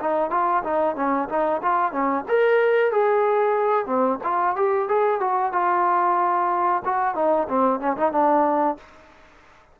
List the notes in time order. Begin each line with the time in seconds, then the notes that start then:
0.00 D#4
0.30 F4
0.63 D#4
0.95 C#4
1.28 D#4
1.62 F4
1.92 C#4
2.28 A#4
2.91 G#4
3.86 C4
4.23 F4
4.56 G4
4.88 G#4
5.20 F#4
5.52 F4
6.84 F#4
7.14 D#4
7.49 C4
7.80 C#4
7.96 D#4
8.11 D4